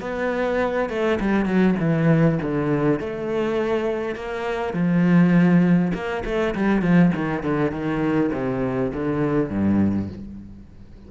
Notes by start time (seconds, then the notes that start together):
0.00 B3
0.89 A3
1.20 G3
1.45 F#3
1.79 E3
2.41 D3
2.99 A3
4.15 A#3
4.73 F3
5.94 A#3
6.25 A3
6.55 G3
6.82 F3
7.15 D#3
7.43 D3
7.71 D#3
8.32 C3
8.93 D3
9.49 G2